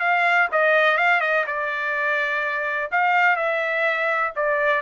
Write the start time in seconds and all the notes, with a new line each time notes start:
0.00 F5
0.52 D#5
0.97 F5
1.20 D#5
1.46 D5
2.91 F5
3.36 E5
4.36 D5